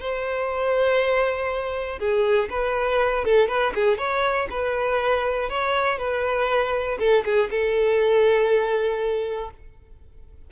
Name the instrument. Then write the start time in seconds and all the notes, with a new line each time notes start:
violin
0.00 C5
2.00 G#4
2.50 B4
3.25 A4
3.48 B4
3.75 G#4
3.98 C#5
4.51 B4
5.50 C#5
5.99 B4
7.00 A4
7.25 G#4
7.51 A4